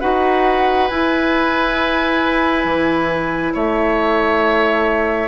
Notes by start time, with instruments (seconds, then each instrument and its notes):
0.00 bassoon D#4, clarinet F#4, oboe B4, flute F#5
0.88 bassoon E4, clarinet E4, flute G#5
2.64 bassoon E3
3.53 bassoon A3, oboe C#5, flute E5